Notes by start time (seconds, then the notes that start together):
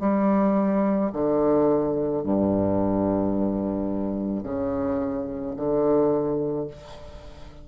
0.00 G3
1.13 D3
2.24 G2
4.43 C#3
5.57 D3